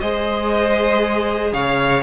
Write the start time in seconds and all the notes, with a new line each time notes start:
0.00 G#3 G#4 C5 D#5
1.53 C#3 C#5 F5